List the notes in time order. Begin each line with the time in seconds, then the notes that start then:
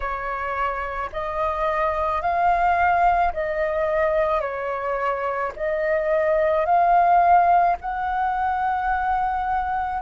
0.00 C#5
1.12 D#5
2.21 F5
3.33 D#5
4.40 C#5
5.56 D#5
6.65 F5
7.80 F#5